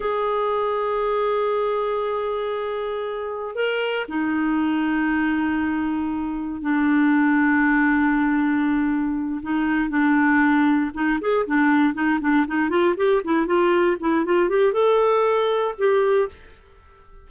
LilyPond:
\new Staff \with { instrumentName = "clarinet" } { \time 4/4 \tempo 4 = 118 gis'1~ | gis'2. ais'4 | dis'1~ | dis'4 d'2.~ |
d'2~ d'8 dis'4 d'8~ | d'4. dis'8 gis'8 d'4 dis'8 | d'8 dis'8 f'8 g'8 e'8 f'4 e'8 | f'8 g'8 a'2 g'4 | }